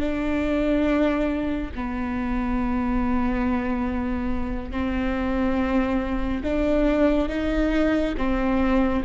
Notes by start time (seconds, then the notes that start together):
0.00 D4
1.75 B3
4.71 C4
6.44 D4
7.29 D#4
8.17 C4